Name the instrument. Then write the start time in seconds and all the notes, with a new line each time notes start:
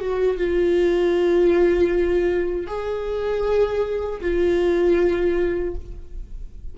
viola
0.00 F#4
0.37 F4
2.66 G#4
4.21 F4